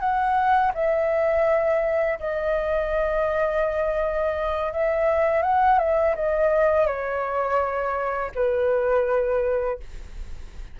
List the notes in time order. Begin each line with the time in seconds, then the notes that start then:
0.00 F#5
0.75 E5
2.20 D#5
4.73 E5
5.42 F#5
5.79 E5
6.15 D#5
6.87 C#5
8.35 B4